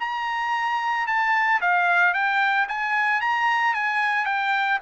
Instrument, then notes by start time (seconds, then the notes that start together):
trumpet
0.00 A#5
1.07 A5
1.61 F5
2.14 G5
2.68 G#5
3.21 A#5
3.75 G#5
4.26 G5